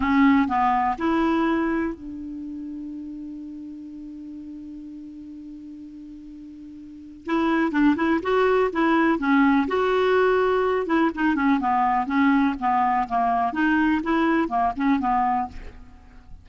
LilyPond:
\new Staff \with { instrumentName = "clarinet" } { \time 4/4 \tempo 4 = 124 cis'4 b4 e'2 | d'1~ | d'1~ | d'2. e'4 |
d'8 e'8 fis'4 e'4 cis'4 | fis'2~ fis'8 e'8 dis'8 cis'8 | b4 cis'4 b4 ais4 | dis'4 e'4 ais8 cis'8 b4 | }